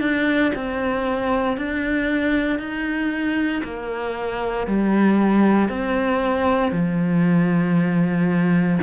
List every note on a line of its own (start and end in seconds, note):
0.00 0.52 D4
0.55 1.57 C4
1.57 2.59 D4
2.59 3.62 D#4
3.63 4.66 A#3
4.66 5.68 G3
5.68 6.71 C4
6.71 8.78 F3